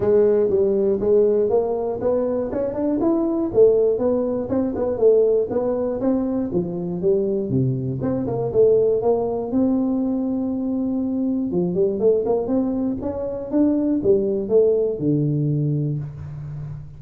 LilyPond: \new Staff \with { instrumentName = "tuba" } { \time 4/4 \tempo 4 = 120 gis4 g4 gis4 ais4 | b4 cis'8 d'8 e'4 a4 | b4 c'8 b8 a4 b4 | c'4 f4 g4 c4 |
c'8 ais8 a4 ais4 c'4~ | c'2. f8 g8 | a8 ais8 c'4 cis'4 d'4 | g4 a4 d2 | }